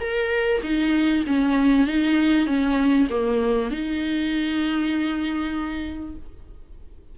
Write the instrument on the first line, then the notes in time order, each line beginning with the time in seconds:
viola
0.00 A#4
0.63 D#4
1.26 C#4
1.87 D#4
2.47 C#4
3.10 A#3
3.71 D#4